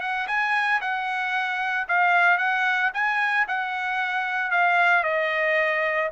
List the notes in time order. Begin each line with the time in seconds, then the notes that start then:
0.00 F#5
0.27 G#5
0.81 F#5
1.88 F5
2.37 F#5
2.93 G#5
3.47 F#5
4.50 F5
5.03 D#5